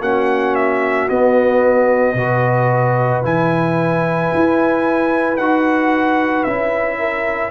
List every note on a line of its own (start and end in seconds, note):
0.00 1.07 A#3
0.00 1.09 C#4
0.00 2.16 F#4
0.00 0.55 F#5
0.55 1.08 E5
1.09 2.16 B3
1.09 2.14 B3
1.09 3.23 D#5
2.14 3.21 B2
2.14 3.23 F#4
2.14 6.99 B4
3.23 4.31 E3
3.23 5.37 E4
3.23 5.37 G#5
4.34 5.37 E4
5.37 6.44 D#4
5.37 6.47 F#4
5.37 6.43 F#5
6.43 7.51 C#4
6.43 7.51 E4
6.43 7.50 E5
6.99 7.51 A#4